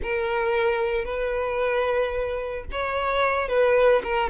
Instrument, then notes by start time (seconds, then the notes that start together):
violin
0.02 A#4
1.04 B4
2.71 C#5
3.48 B4
4.03 A#4